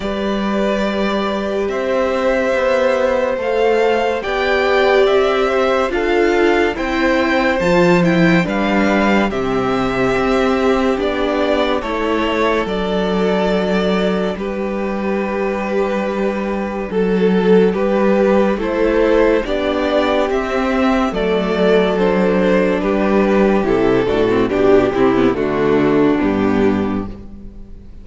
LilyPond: <<
  \new Staff \with { instrumentName = "violin" } { \time 4/4 \tempo 4 = 71 d''2 e''2 | f''4 g''4 e''4 f''4 | g''4 a''8 g''8 f''4 e''4~ | e''4 d''4 cis''4 d''4~ |
d''4 b'2. | a'4 b'4 c''4 d''4 | e''4 d''4 c''4 b'4 | a'4 g'8 e'8 fis'4 g'4 | }
  \new Staff \with { instrumentName = "violin" } { \time 4/4 b'2 c''2~ | c''4 d''4. c''8 a'4 | c''2 b'4 g'4~ | g'2 a'2~ |
a'4 g'2. | a'4 g'4 a'4 g'4~ | g'4 a'2 g'4~ | g'8 fis'8 g'4 d'2 | }
  \new Staff \with { instrumentName = "viola" } { \time 4/4 g'1 | a'4 g'2 f'4 | e'4 f'8 e'8 d'4 c'4~ | c'4 d'4 e'4 d'4~ |
d'1~ | d'2 e'4 d'4 | c'4 a4 d'2 | e'8 d'16 c'16 d'8 c'16 b16 a4 b4 | }
  \new Staff \with { instrumentName = "cello" } { \time 4/4 g2 c'4 b4 | a4 b4 c'4 d'4 | c'4 f4 g4 c4 | c'4 b4 a4 fis4~ |
fis4 g2. | fis4 g4 a4 b4 | c'4 fis2 g4 | c8 a,8 b,8 c8 d4 g,4 | }
>>